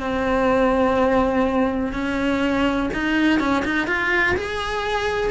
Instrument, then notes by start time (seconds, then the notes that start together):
cello
0.00 C4
1.93 C#4
2.94 D#4
3.40 C#4
3.65 D#4
3.87 F4
4.37 G#4